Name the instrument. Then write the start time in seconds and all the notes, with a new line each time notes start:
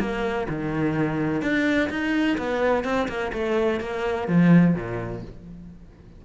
cello
0.00 A#3
0.49 D#3
1.42 D4
1.90 D#4
2.38 B3
2.84 C4
3.08 A#3
3.33 A3
3.81 A#3
4.28 F3
4.75 A#2